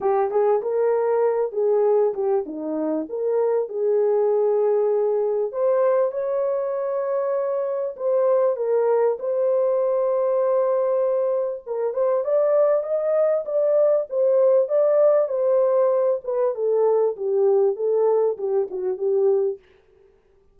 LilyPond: \new Staff \with { instrumentName = "horn" } { \time 4/4 \tempo 4 = 98 g'8 gis'8 ais'4. gis'4 g'8 | dis'4 ais'4 gis'2~ | gis'4 c''4 cis''2~ | cis''4 c''4 ais'4 c''4~ |
c''2. ais'8 c''8 | d''4 dis''4 d''4 c''4 | d''4 c''4. b'8 a'4 | g'4 a'4 g'8 fis'8 g'4 | }